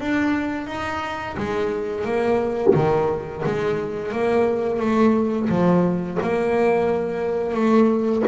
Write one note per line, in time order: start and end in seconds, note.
0.00 0.67 D4
0.67 1.36 D#4
1.38 2.05 G#3
2.05 2.74 A#3
2.75 3.44 D#3
3.46 4.12 G#3
4.12 4.80 A#3
4.80 5.49 A3
5.50 6.18 F3
6.23 7.54 A#3
7.54 8.23 A3